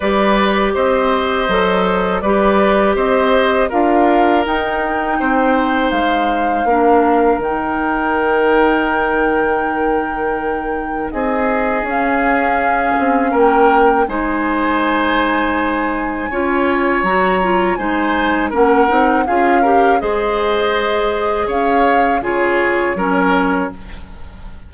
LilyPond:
<<
  \new Staff \with { instrumentName = "flute" } { \time 4/4 \tempo 4 = 81 d''4 dis''2 d''4 | dis''4 f''4 g''2 | f''2 g''2~ | g''2. dis''4 |
f''2 g''4 gis''4~ | gis''2. ais''4 | gis''4 fis''4 f''4 dis''4~ | dis''4 f''4 cis''2 | }
  \new Staff \with { instrumentName = "oboe" } { \time 4/4 b'4 c''2 b'4 | c''4 ais'2 c''4~ | c''4 ais'2.~ | ais'2. gis'4~ |
gis'2 ais'4 c''4~ | c''2 cis''2 | c''4 ais'4 gis'8 ais'8 c''4~ | c''4 cis''4 gis'4 ais'4 | }
  \new Staff \with { instrumentName = "clarinet" } { \time 4/4 g'2 a'4 g'4~ | g'4 f'4 dis'2~ | dis'4 d'4 dis'2~ | dis'1 |
cis'2. dis'4~ | dis'2 f'4 fis'8 f'8 | dis'4 cis'8 dis'8 f'8 g'8 gis'4~ | gis'2 f'4 cis'4 | }
  \new Staff \with { instrumentName = "bassoon" } { \time 4/4 g4 c'4 fis4 g4 | c'4 d'4 dis'4 c'4 | gis4 ais4 dis2~ | dis2. c'4 |
cis'4. c'8 ais4 gis4~ | gis2 cis'4 fis4 | gis4 ais8 c'8 cis'4 gis4~ | gis4 cis'4 cis4 fis4 | }
>>